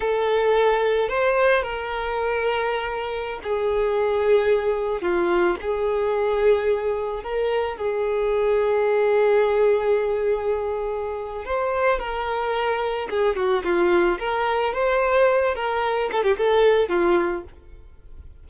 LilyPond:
\new Staff \with { instrumentName = "violin" } { \time 4/4 \tempo 4 = 110 a'2 c''4 ais'4~ | ais'2~ ais'16 gis'4.~ gis'16~ | gis'4~ gis'16 f'4 gis'4.~ gis'16~ | gis'4~ gis'16 ais'4 gis'4.~ gis'16~ |
gis'1~ | gis'4 c''4 ais'2 | gis'8 fis'8 f'4 ais'4 c''4~ | c''8 ais'4 a'16 g'16 a'4 f'4 | }